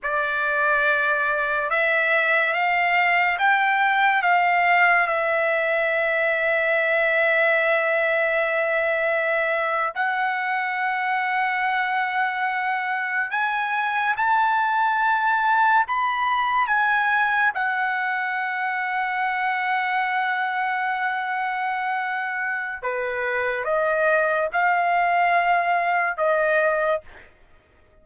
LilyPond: \new Staff \with { instrumentName = "trumpet" } { \time 4/4 \tempo 4 = 71 d''2 e''4 f''4 | g''4 f''4 e''2~ | e''2.~ e''8. fis''16~ | fis''2.~ fis''8. gis''16~ |
gis''8. a''2 b''4 gis''16~ | gis''8. fis''2.~ fis''16~ | fis''2. b'4 | dis''4 f''2 dis''4 | }